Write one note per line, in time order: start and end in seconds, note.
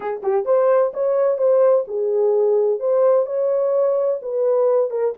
0.00 0.21 G#4
0.22 0.45 G4
0.45 0.92 C5
0.93 1.38 C#5
1.38 1.85 C5
1.87 2.79 G#4
2.79 3.26 C5
3.26 4.20 C#5
4.22 4.90 B4
4.90 5.13 A#4